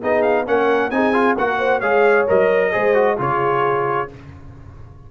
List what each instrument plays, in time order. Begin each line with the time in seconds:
0.00 tuba B3, trombone D#4, horn G#4, trumpet D#5
0.22 trumpet F5
0.46 tuba A#3, trombone C#4, horn A#4, trumpet F#5
0.90 tuba C4, trombone D#4, horn G#4, trumpet G#5
1.14 trombone F4
1.37 tuba A#3, trombone F#4, horn A#4, trumpet F#5
1.59 horn C5
1.80 tuba G#3, trombone G#4, horn C#5, trumpet F5
2.27 tuba F#3, trombone A#4, trumpet D#5
2.72 tuba G#3, trombone G#4, horn C5
2.94 trombone F#4
3.17 tuba C#3, trombone F4, horn G#4, trumpet C#5